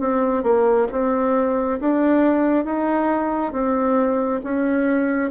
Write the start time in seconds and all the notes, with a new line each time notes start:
0.00 C4
0.43 A#3
0.91 C4
1.80 D4
2.64 D#4
3.52 C4
4.43 C#4